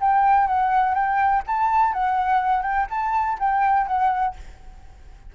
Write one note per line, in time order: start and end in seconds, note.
0.00 0.47 G5
0.47 0.94 F#5
0.94 1.43 G5
1.46 1.93 A5
1.93 2.62 F#5
2.62 2.87 G5
2.90 3.38 A5
3.39 3.87 G5
3.87 4.35 F#5